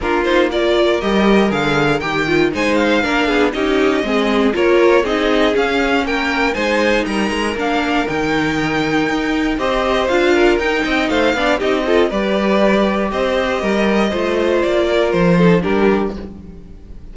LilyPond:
<<
  \new Staff \with { instrumentName = "violin" } { \time 4/4 \tempo 4 = 119 ais'8 c''8 d''4 dis''4 f''4 | g''4 gis''8 f''4. dis''4~ | dis''4 cis''4 dis''4 f''4 | g''4 gis''4 ais''4 f''4 |
g''2. dis''4 | f''4 g''4 f''4 dis''4 | d''2 dis''2~ | dis''4 d''4 c''4 ais'4 | }
  \new Staff \with { instrumentName = "violin" } { \time 4/4 f'4 ais'2.~ | ais'4 c''4 ais'8 gis'8 g'4 | gis'4 ais'4 gis'2 | ais'4 c''4 ais'2~ |
ais'2. c''4~ | c''8 ais'4 dis''8 c''8 d''8 g'8 a'8 | b'2 c''4 ais'4 | c''4. ais'4 a'8 g'4 | }
  \new Staff \with { instrumentName = "viola" } { \time 4/4 d'8 dis'8 f'4 g'4 gis'4 | g'8 f'8 dis'4 d'4 dis'4 | c'4 f'4 dis'4 cis'4~ | cis'4 dis'2 d'4 |
dis'2. g'4 | f'4 dis'4. d'8 dis'8 f'8 | g'1 | f'2~ f'8 dis'8 d'4 | }
  \new Staff \with { instrumentName = "cello" } { \time 4/4 ais2 g4 d4 | dis4 gis4 ais8 b8 cis'4 | gis4 ais4 c'4 cis'4 | ais4 gis4 g8 gis8 ais4 |
dis2 dis'4 c'4 | d'4 dis'8 c'8 a8 b8 c'4 | g2 c'4 g4 | a4 ais4 f4 g4 | }
>>